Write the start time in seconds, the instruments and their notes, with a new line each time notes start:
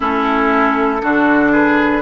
0.00 bassoon A3, clarinet C#4, oboe E4, flute A4
1.01 bassoon D3, clarinet D4, oboe F#4
1.52 oboe G#4, flute B4